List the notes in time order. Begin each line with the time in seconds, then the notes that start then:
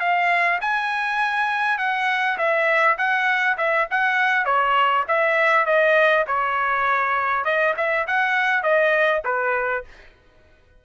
0.00 F5
0.61 G#5
1.78 F#5
2.38 E5
2.98 F#5
3.58 E5
3.91 F#5
4.46 C#5
5.08 E5
5.66 D#5
6.27 C#5
7.45 D#5
7.77 E5
8.07 F#5
8.63 D#5
9.25 B4